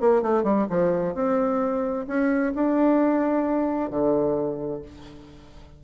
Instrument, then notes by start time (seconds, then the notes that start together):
bassoon
0.00 A#3
0.22 A3
0.43 G3
0.70 F3
1.14 C4
2.07 C#4
2.54 D4
3.90 D3